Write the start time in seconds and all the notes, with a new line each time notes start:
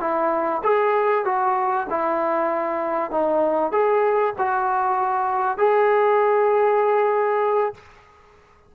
0.00 E4
0.64 G#4
1.25 F#4
1.90 E4
3.11 D#4
3.72 G#4
4.38 F#4
5.58 G#4